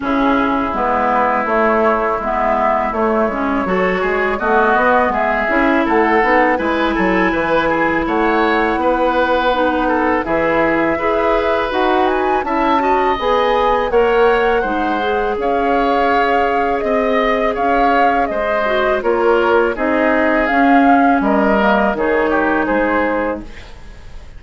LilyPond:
<<
  \new Staff \with { instrumentName = "flute" } { \time 4/4 \tempo 4 = 82 gis'4 b'4 cis''4 e''4 | cis''2 dis''4 e''4 | fis''4 gis''2 fis''4~ | fis''2 e''2 |
fis''8 gis''8 a''4 gis''4 fis''4~ | fis''4 f''2 dis''4 | f''4 dis''4 cis''4 dis''4 | f''4 dis''4 cis''4 c''4 | }
  \new Staff \with { instrumentName = "oboe" } { \time 4/4 e'1~ | e'4 a'8 gis'8 fis'4 gis'4 | a'4 b'8 a'8 b'8 gis'8 cis''4 | b'4. a'8 gis'4 b'4~ |
b'4 e''8 dis''4. cis''4 | c''4 cis''2 dis''4 | cis''4 c''4 ais'4 gis'4~ | gis'4 ais'4 gis'8 g'8 gis'4 | }
  \new Staff \with { instrumentName = "clarinet" } { \time 4/4 cis'4 b4 a4 b4 | a8 cis'8 fis'4 b4. e'8~ | e'8 dis'8 e'2.~ | e'4 dis'4 e'4 gis'4 |
fis'4 e'8 fis'8 gis'4 ais'4 | dis'8 gis'2.~ gis'8~ | gis'4. fis'8 f'4 dis'4 | cis'4. ais8 dis'2 | }
  \new Staff \with { instrumentName = "bassoon" } { \time 4/4 cis4 gis4 a4 gis4 | a8 gis8 fis8 gis8 a8 b8 gis8 cis'8 | a8 b8 gis8 fis8 e4 a4 | b2 e4 e'4 |
dis'4 cis'4 b4 ais4 | gis4 cis'2 c'4 | cis'4 gis4 ais4 c'4 | cis'4 g4 dis4 gis4 | }
>>